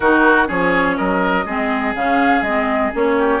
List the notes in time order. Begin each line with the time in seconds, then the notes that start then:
0.00 D#3 D#4 F#4 A#4
0.47 F3 C#4 G#4 C#5
0.97 F#3 A#4 D#5
1.45 G#3 C4 G#4
1.95 C#3 C#4 F5
2.42 G#3 C4 D#5
2.92 A#3 C#4 C#5
3.18 G4